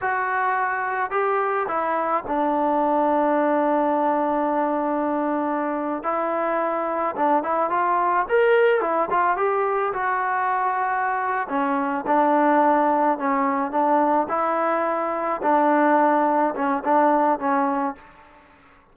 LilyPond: \new Staff \with { instrumentName = "trombone" } { \time 4/4 \tempo 4 = 107 fis'2 g'4 e'4 | d'1~ | d'2~ d'8. e'4~ e'16~ | e'8. d'8 e'8 f'4 ais'4 e'16~ |
e'16 f'8 g'4 fis'2~ fis'16~ | fis'8 cis'4 d'2 cis'8~ | cis'8 d'4 e'2 d'8~ | d'4. cis'8 d'4 cis'4 | }